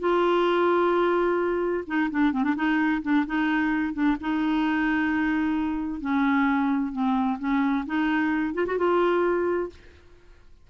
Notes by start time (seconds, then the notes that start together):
0.00 F4
1.87 D#4
2.11 D4
2.33 C4
2.44 D4
2.56 D#4
3.03 D4
3.27 D#4
3.94 D4
4.21 D#4
6.01 C#4
6.93 C4
7.39 C#4
7.87 D#4
8.54 F4
8.67 F#4
8.78 F4